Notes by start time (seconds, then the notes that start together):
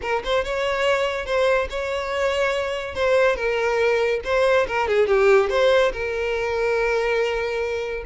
0.01 A#4
0.24 C5
0.44 C#5
1.25 C5
1.70 C#5
2.94 C5
3.36 A#4
4.24 C5
4.67 A#4
4.88 G#4
5.07 G4
5.49 C5
5.92 A#4